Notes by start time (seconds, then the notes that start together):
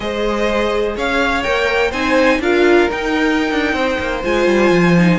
0.00 G#3 G#4 C5 D#5
0.96 C#4 C#5 F5
1.43 A#3 A#4 G5
1.90 C4 D#4 C5 G#5
2.39 D4 F4 A#4 F5
2.89 D#4 G5
3.51 D4
3.73 C4 C5
3.99 A#3
4.24 G#3 F4 G#5
4.46 G3
4.70 F3
4.97 D#4